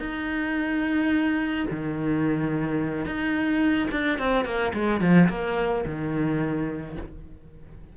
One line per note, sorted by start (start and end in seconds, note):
0.00 1.67 D#4
1.71 3.06 D#3
3.06 3.89 D#4
3.91 4.19 D4
4.19 4.45 C4
4.45 4.73 A#3
4.74 5.01 G#3
5.01 5.29 F3
5.29 5.85 A#3
5.86 6.97 D#3